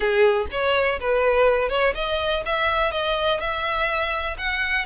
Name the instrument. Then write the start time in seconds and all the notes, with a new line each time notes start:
violin
0.00 G#4
0.51 C#5
1.00 B4
1.69 C#5
1.95 D#5
2.45 E5
2.91 D#5
3.39 E5
4.38 F#5